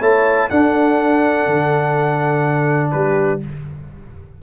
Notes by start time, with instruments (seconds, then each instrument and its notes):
0.00 tuba A3, trombone E4, horn C#5, trumpet A5
0.50 tuba D4, trombone D4, horn A4, trumpet F#5
1.47 tuba D3
2.91 tuba G3, horn G4, trumpet B4